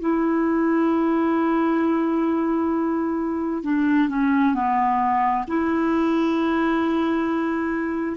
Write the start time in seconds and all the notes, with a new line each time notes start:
0.00 E4
3.64 D4
4.09 C#4
4.55 B3
5.48 E4